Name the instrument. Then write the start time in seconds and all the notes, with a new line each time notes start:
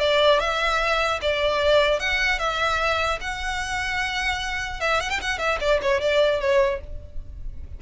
violin
0.00 D5
0.40 E5
1.22 D5
2.00 F#5
2.39 E5
3.21 F#5
4.81 E5
5.01 F#5
5.10 G5
5.21 F#5
5.39 E5
5.61 D5
5.82 C#5
6.01 D5
6.41 C#5